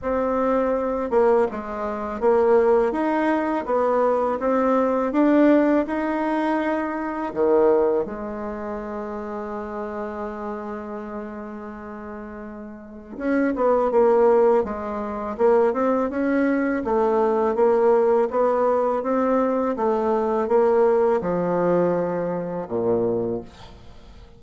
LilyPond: \new Staff \with { instrumentName = "bassoon" } { \time 4/4 \tempo 4 = 82 c'4. ais8 gis4 ais4 | dis'4 b4 c'4 d'4 | dis'2 dis4 gis4~ | gis1~ |
gis2 cis'8 b8 ais4 | gis4 ais8 c'8 cis'4 a4 | ais4 b4 c'4 a4 | ais4 f2 ais,4 | }